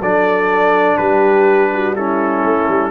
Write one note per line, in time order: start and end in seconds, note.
0.00 0.97 F#3
0.00 1.96 D4
0.00 0.97 A4
0.00 0.98 D5
0.97 2.44 G3
0.97 1.69 G4
0.97 1.95 B4
1.73 1.97 F#4
1.96 2.92 C#4
1.96 2.92 E4
1.96 2.92 A4
2.44 2.68 A3
2.69 2.92 G3